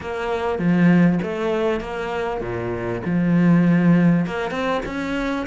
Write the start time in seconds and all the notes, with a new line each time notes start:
0.00 A#3
0.58 F3
1.22 A3
1.80 A#3
2.40 A#2
3.05 F3
4.26 A#3
4.50 C4
4.85 C#4